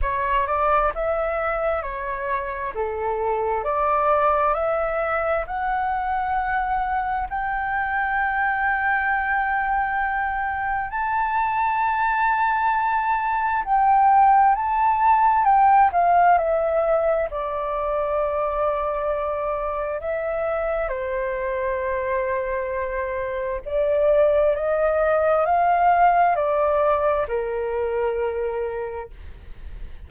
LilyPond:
\new Staff \with { instrumentName = "flute" } { \time 4/4 \tempo 4 = 66 cis''8 d''8 e''4 cis''4 a'4 | d''4 e''4 fis''2 | g''1 | a''2. g''4 |
a''4 g''8 f''8 e''4 d''4~ | d''2 e''4 c''4~ | c''2 d''4 dis''4 | f''4 d''4 ais'2 | }